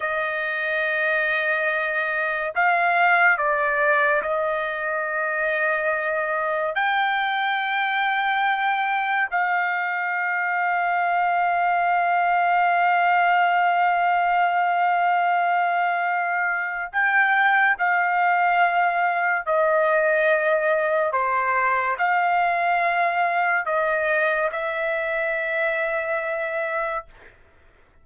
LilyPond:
\new Staff \with { instrumentName = "trumpet" } { \time 4/4 \tempo 4 = 71 dis''2. f''4 | d''4 dis''2. | g''2. f''4~ | f''1~ |
f''1 | g''4 f''2 dis''4~ | dis''4 c''4 f''2 | dis''4 e''2. | }